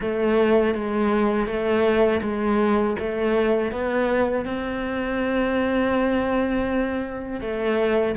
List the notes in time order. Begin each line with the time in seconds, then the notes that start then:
0.00 A3
0.74 G#3
1.46 A3
2.22 G#3
2.99 A3
3.71 B3
4.45 C4
7.41 A3